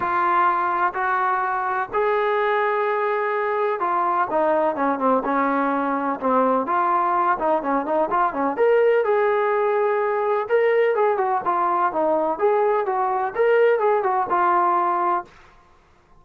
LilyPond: \new Staff \with { instrumentName = "trombone" } { \time 4/4 \tempo 4 = 126 f'2 fis'2 | gis'1 | f'4 dis'4 cis'8 c'8 cis'4~ | cis'4 c'4 f'4. dis'8 |
cis'8 dis'8 f'8 cis'8 ais'4 gis'4~ | gis'2 ais'4 gis'8 fis'8 | f'4 dis'4 gis'4 fis'4 | ais'4 gis'8 fis'8 f'2 | }